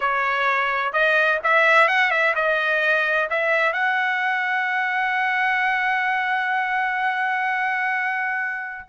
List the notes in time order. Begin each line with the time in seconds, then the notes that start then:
0.00 C#5
0.92 D#5
1.43 E5
1.88 F#5
2.10 E5
2.35 D#5
3.30 E5
3.72 F#5